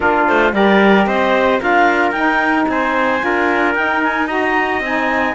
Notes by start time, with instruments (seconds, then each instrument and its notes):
0.00 cello A#3, saxophone D4, trumpet F4, clarinet A#4
0.27 cello A3, clarinet C5
0.53 cello G3, saxophone G4, trumpet A#4, clarinet D5
1.06 cello C4, trumpet C5, clarinet D#5
1.59 cello D4, saxophone F4, trumpet A#4, clarinet F5
2.11 cello D#4, saxophone D#4, clarinet G5
2.68 cello C4, trumpet C5, clarinet G#5
3.20 cello D4, saxophone F4, trumpet A#4
3.74 cello D#4, saxophone D#4, clarinet G5
4.02 clarinet G#5
4.27 saxophone F#4, trumpet D#5, clarinet A#5
4.80 cello C4, saxophone D#4, clarinet G#5